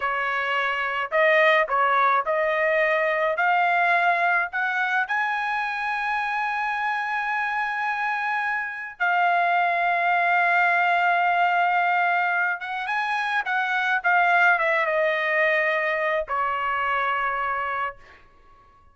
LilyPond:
\new Staff \with { instrumentName = "trumpet" } { \time 4/4 \tempo 4 = 107 cis''2 dis''4 cis''4 | dis''2 f''2 | fis''4 gis''2.~ | gis''1 |
f''1~ | f''2~ f''8 fis''8 gis''4 | fis''4 f''4 e''8 dis''4.~ | dis''4 cis''2. | }